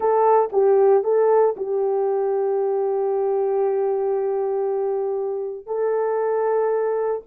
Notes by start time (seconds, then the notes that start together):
0.00 A4
0.52 G4
1.03 A4
1.57 G4
5.66 A4